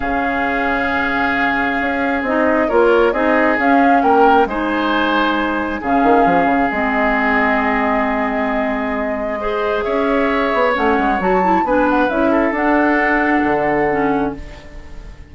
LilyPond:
<<
  \new Staff \with { instrumentName = "flute" } { \time 4/4 \tempo 4 = 134 f''1~ | f''4 dis''4 cis''4 dis''4 | f''4 g''4 gis''2~ | gis''4 f''2 dis''4~ |
dis''1~ | dis''2 e''2 | fis''4 a''4 gis''8 fis''8 e''4 | fis''1 | }
  \new Staff \with { instrumentName = "oboe" } { \time 4/4 gis'1~ | gis'2 ais'4 gis'4~ | gis'4 ais'4 c''2~ | c''4 gis'2.~ |
gis'1~ | gis'4 c''4 cis''2~ | cis''2 b'4. a'8~ | a'1 | }
  \new Staff \with { instrumentName = "clarinet" } { \time 4/4 cis'1~ | cis'4 dis'4 f'4 dis'4 | cis'2 dis'2~ | dis'4 cis'2 c'4~ |
c'1~ | c'4 gis'2. | cis'4 fis'8 e'8 d'4 e'4 | d'2. cis'4 | }
  \new Staff \with { instrumentName = "bassoon" } { \time 4/4 cis1 | cis'4 c'4 ais4 c'4 | cis'4 ais4 gis2~ | gis4 cis8 dis8 f8 cis8 gis4~ |
gis1~ | gis2 cis'4. b8 | a8 gis8 fis4 b4 cis'4 | d'2 d2 | }
>>